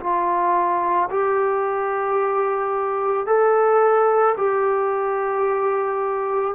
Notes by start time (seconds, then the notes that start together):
0.00 F4
1.10 G4
3.26 A4
4.37 G4